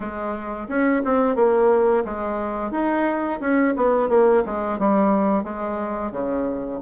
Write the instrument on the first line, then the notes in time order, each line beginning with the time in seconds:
bassoon
0.00 G#3
0.68 C#4
1.04 C4
1.35 A#3
2.04 G#3
2.71 D#4
3.40 C#4
3.76 B3
4.08 A#3
4.45 G#3
4.78 G3
5.43 G#3
6.11 C#3